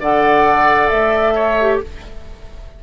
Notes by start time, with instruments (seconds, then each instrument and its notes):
0.00 bassoon D3, clarinet A4, oboe D5, flute F#5
0.89 bassoon A3, flute E5
1.35 oboe C#5
1.61 clarinet G4